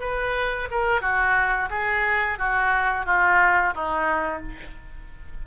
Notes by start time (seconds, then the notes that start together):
0.00 B4
0.71 A#4
1.01 F#4
1.70 G#4
2.38 F#4
3.06 F4
3.74 D#4